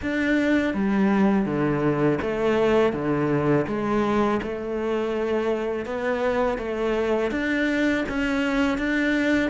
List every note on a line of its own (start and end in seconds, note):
0.02 0.74 D4
0.74 1.45 G3
1.45 2.18 D3
2.22 2.93 A3
2.93 3.66 D3
3.67 4.40 G#3
4.42 5.85 A3
5.85 6.58 B3
6.58 7.31 A3
7.31 8.04 D4
8.08 8.77 C#4
8.77 9.50 D4